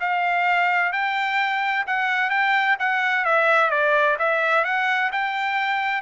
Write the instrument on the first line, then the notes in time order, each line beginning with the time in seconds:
trumpet
0.00 F5
0.93 G5
1.87 F#5
2.30 G5
2.80 F#5
3.25 E5
3.71 D5
4.19 E5
4.64 F#5
5.12 G5